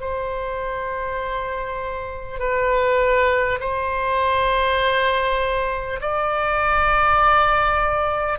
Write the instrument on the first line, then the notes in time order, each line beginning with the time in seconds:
oboe
0.00 C5
2.39 B4
3.60 C5
6.00 D5